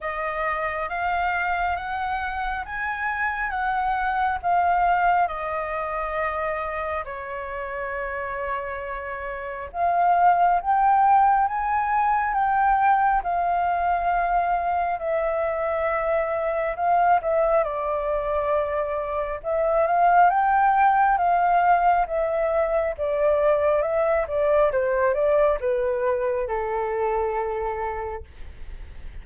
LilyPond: \new Staff \with { instrumentName = "flute" } { \time 4/4 \tempo 4 = 68 dis''4 f''4 fis''4 gis''4 | fis''4 f''4 dis''2 | cis''2. f''4 | g''4 gis''4 g''4 f''4~ |
f''4 e''2 f''8 e''8 | d''2 e''8 f''8 g''4 | f''4 e''4 d''4 e''8 d''8 | c''8 d''8 b'4 a'2 | }